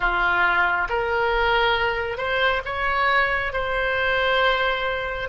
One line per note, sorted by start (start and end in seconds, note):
0.00 0.87 F4
0.89 2.17 A#4
2.17 2.61 C5
2.65 3.53 C#5
3.53 5.29 C5